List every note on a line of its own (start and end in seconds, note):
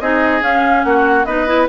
0.00 0.41 C4
0.00 0.41 D#4
0.00 0.86 G#4
0.00 0.42 D#5
0.41 0.83 C#4
0.41 1.25 C#4
0.41 0.83 F5
0.83 1.25 A#3
0.83 1.27 F#4
0.83 1.25 F#5
1.25 1.67 B3
1.25 1.47 D#4
1.25 1.69 B4
1.25 1.67 D#5
1.47 1.68 E4